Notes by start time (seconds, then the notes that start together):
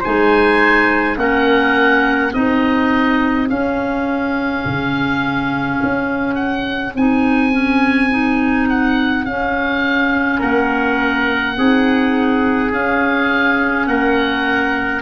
0.00 G#3 D#4 C5 G#5
1.17 A#3 C#4 A#4 F#5
2.33 C4 D#4 G#4 D#5
3.49 C#4 F5
4.65 C#3
5.83 C#4
6.35 F#5
6.95 C4 D#4 G#5
7.52 C#4
8.10 D#4
8.69 F#5
9.25 C#4 F5
10.39 A#3 A#4 F#5
11.57 C4 D#4 G#4
12.72 C#4 F5
13.87 A#3 A#4 F#5